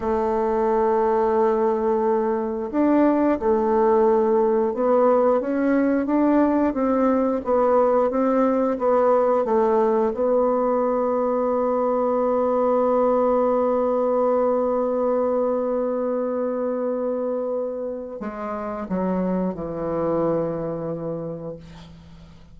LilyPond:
\new Staff \with { instrumentName = "bassoon" } { \time 4/4 \tempo 4 = 89 a1 | d'4 a2 b4 | cis'4 d'4 c'4 b4 | c'4 b4 a4 b4~ |
b1~ | b1~ | b2. gis4 | fis4 e2. | }